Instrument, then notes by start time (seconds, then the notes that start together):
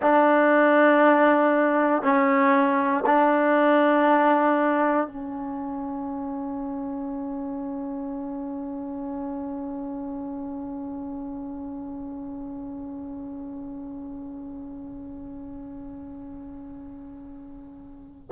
trombone
0.01 D4
2.02 C#4
3.06 D4
5.07 C#4